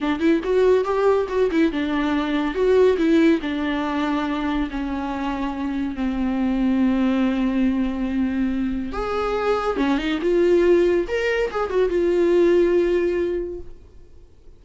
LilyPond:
\new Staff \with { instrumentName = "viola" } { \time 4/4 \tempo 4 = 141 d'8 e'8 fis'4 g'4 fis'8 e'8 | d'2 fis'4 e'4 | d'2. cis'4~ | cis'2 c'2~ |
c'1~ | c'4 gis'2 cis'8 dis'8 | f'2 ais'4 gis'8 fis'8 | f'1 | }